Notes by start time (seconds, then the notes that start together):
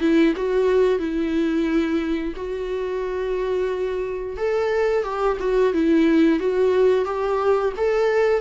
0.00 E4
0.36 F#4
0.99 E4
2.36 F#4
4.37 A4
5.03 G4
5.40 F#4
5.73 E4
6.39 F#4
7.05 G4
7.77 A4